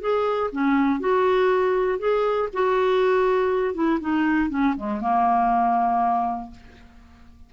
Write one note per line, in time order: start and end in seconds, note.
0.00 0.50 G#4
0.51 1.00 C#4
1.00 1.98 F#4
1.98 2.48 G#4
2.53 3.74 F#4
3.74 3.99 E4
4.00 4.49 D#4
4.49 4.74 C#4
4.76 5.00 G#3
5.00 6.50 A#3